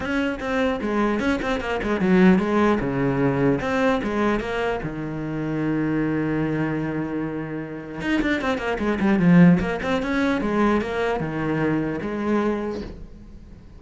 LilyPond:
\new Staff \with { instrumentName = "cello" } { \time 4/4 \tempo 4 = 150 cis'4 c'4 gis4 cis'8 c'8 | ais8 gis8 fis4 gis4 cis4~ | cis4 c'4 gis4 ais4 | dis1~ |
dis1 | dis'8 d'8 c'8 ais8 gis8 g8 f4 | ais8 c'8 cis'4 gis4 ais4 | dis2 gis2 | }